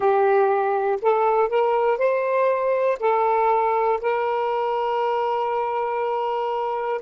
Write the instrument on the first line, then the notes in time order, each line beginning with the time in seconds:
saxophone
0.00 G4
1.01 A4
1.48 A#4
1.97 C5
3.00 A4
4.01 A#4